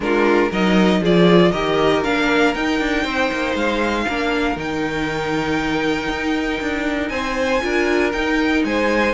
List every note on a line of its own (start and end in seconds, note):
0.00 0.50 G#3
0.00 0.51 D4
0.00 0.50 F4
0.00 0.51 A#4
0.50 1.00 F#3
0.50 1.03 D#4
0.50 1.00 A#4
0.50 1.03 D#5
1.00 1.51 F3
1.00 1.53 F4
1.00 1.51 G#4
1.00 1.51 D5
1.51 2.03 D#3
1.51 2.04 G4
1.51 3.03 A#4
1.51 2.02 D#5
2.04 2.55 A#3
2.04 2.55 D4
2.04 2.54 F5
2.54 2.80 D#4
2.54 4.08 D#4
2.54 3.55 G5
2.80 3.04 D4
3.03 3.30 C4
3.03 4.04 C5
3.32 3.54 A#3
3.54 4.05 G#3
3.54 4.57 F5
4.08 4.56 A#3
4.08 4.56 D4
4.08 7.11 A#4
4.56 6.08 D#3
4.56 7.60 D#4
4.56 7.08 G5
6.09 6.60 D#4
6.60 7.10 D4
7.08 7.61 C4
7.08 7.62 C5
7.08 8.10 G#5
7.60 8.13 D4
7.60 8.11 F4
7.60 8.65 A#4
8.12 9.13 D#4
8.12 8.64 D#4
8.12 8.63 G5
8.64 9.13 G#3
8.64 9.13 C5
8.64 9.13 G#5